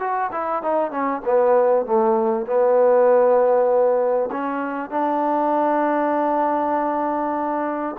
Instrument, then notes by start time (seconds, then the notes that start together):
trombone
0.00 F#4
0.32 E4
0.63 D#4
0.91 C#4
1.26 B3
1.86 A3
2.47 B3
4.32 C#4
4.90 D4